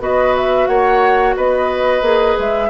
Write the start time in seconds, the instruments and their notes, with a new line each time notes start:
0.00 bassoon B3, clarinet F#4, oboe B4, flute D#5
0.36 flute E5
0.67 bassoon A#3, oboe C#5, flute F#5
1.37 bassoon B3, oboe B4, flute D#5
2.01 bassoon A#3, clarinet G#4
2.39 bassoon G#3, flute E5